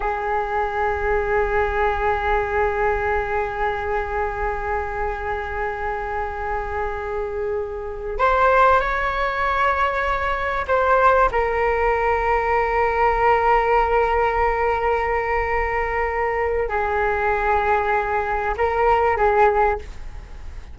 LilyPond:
\new Staff \with { instrumentName = "flute" } { \time 4/4 \tempo 4 = 97 gis'1~ | gis'1~ | gis'1~ | gis'4~ gis'16 c''4 cis''4.~ cis''16~ |
cis''4~ cis''16 c''4 ais'4.~ ais'16~ | ais'1~ | ais'2. gis'4~ | gis'2 ais'4 gis'4 | }